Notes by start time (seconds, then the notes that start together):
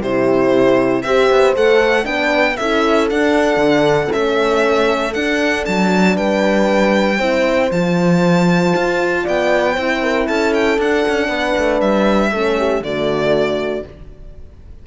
0.00 C3 E4 G4 C5
1.02 C4 G4 C5 E5
1.30 B3
1.55 A3 A4 F#5
2.03 B3 D4 B4 G5
2.56 C#4 E4 A4 E5
3.09 D4 F#5
3.56 D3
4.09 A3 C#4 E5
5.13 D4 F#5
5.65 F#3 A5
6.15 G3 B4 G5
7.17 C4 E4 C5
7.71 F3 F4 A5
8.75 F4
9.23 B3 D5 G5
9.73 C4 E4 C5
10.02 A#4
10.27 C#4 A4 A5
10.53 G5
10.78 D4 F#5
11.08 C#4
11.28 B3 B4
11.57 A3
11.80 G3 E5
12.31 A3 C#4 A4
12.58 G4
12.80 D3 A3 F#4 D5